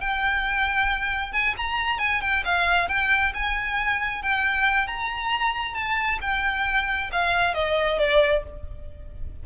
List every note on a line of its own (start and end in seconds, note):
0.00 1.32 G5
1.32 1.54 G#5
1.57 1.99 A#5
1.99 2.21 G#5
2.21 2.43 G5
2.44 2.88 F5
2.88 3.33 G5
3.34 4.22 G#5
4.22 4.87 G5
4.87 5.74 A#5
5.74 6.18 A5
6.21 7.10 G5
7.12 7.54 F5
7.54 7.98 D#5
7.98 8.43 D5